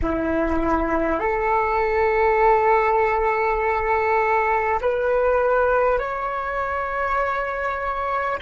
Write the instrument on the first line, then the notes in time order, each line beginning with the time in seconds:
flute
0.02 E4
1.19 A4
4.81 B4
5.98 C#5